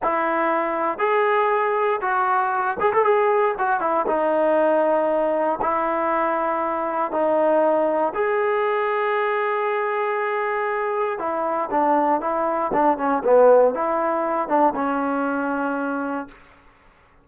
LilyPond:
\new Staff \with { instrumentName = "trombone" } { \time 4/4 \tempo 4 = 118 e'2 gis'2 | fis'4. gis'16 a'16 gis'4 fis'8 e'8 | dis'2. e'4~ | e'2 dis'2 |
gis'1~ | gis'2 e'4 d'4 | e'4 d'8 cis'8 b4 e'4~ | e'8 d'8 cis'2. | }